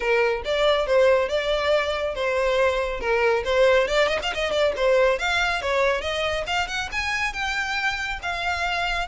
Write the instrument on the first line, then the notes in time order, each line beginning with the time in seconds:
violin
0.00 A#4
0.45 D5
0.86 C5
1.28 D5
2.14 C5
3.00 A#4
3.44 C5
3.87 D5
4.08 D#5
4.22 F5
4.33 D#5
4.51 D5
4.76 C5
5.18 F5
5.61 C#5
6.01 D#5
6.46 F5
6.67 F#5
6.91 G#5
7.33 G5
8.22 F5